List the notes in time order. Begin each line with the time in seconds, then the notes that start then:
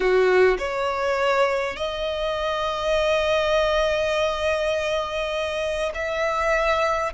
0.00 F#4
0.58 C#5
1.76 D#5
5.94 E5